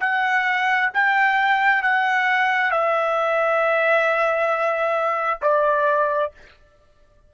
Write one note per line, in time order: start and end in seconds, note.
0.00 0.90 F#5
0.94 1.82 G5
1.82 2.71 F#5
2.71 5.40 E5
5.42 6.31 D5